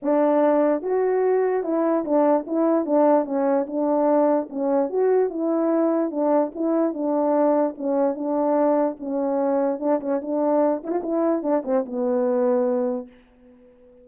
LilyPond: \new Staff \with { instrumentName = "horn" } { \time 4/4 \tempo 4 = 147 d'2 fis'2 | e'4 d'4 e'4 d'4 | cis'4 d'2 cis'4 | fis'4 e'2 d'4 |
e'4 d'2 cis'4 | d'2 cis'2 | d'8 cis'8 d'4. e'16 f'16 e'4 | d'8 c'8 b2. | }